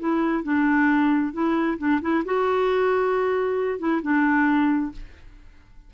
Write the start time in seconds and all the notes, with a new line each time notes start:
0.00 E4
0.44 D4
1.34 E4
1.79 D4
2.02 E4
2.26 F#4
3.79 E4
4.03 D4